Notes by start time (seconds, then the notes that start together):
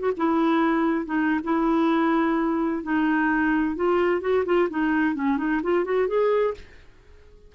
0.00 F#4
0.17 E4
1.05 D#4
1.44 E4
2.83 D#4
3.76 F4
4.21 F#4
4.46 F4
4.70 D#4
5.15 C#4
5.38 D#4
5.63 F4
5.85 F#4
6.08 G#4